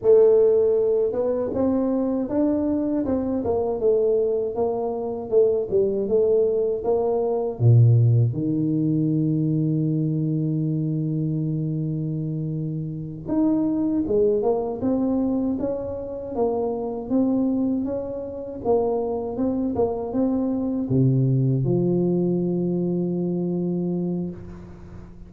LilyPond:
\new Staff \with { instrumentName = "tuba" } { \time 4/4 \tempo 4 = 79 a4. b8 c'4 d'4 | c'8 ais8 a4 ais4 a8 g8 | a4 ais4 ais,4 dis4~ | dis1~ |
dis4. dis'4 gis8 ais8 c'8~ | c'8 cis'4 ais4 c'4 cis'8~ | cis'8 ais4 c'8 ais8 c'4 c8~ | c8 f2.~ f8 | }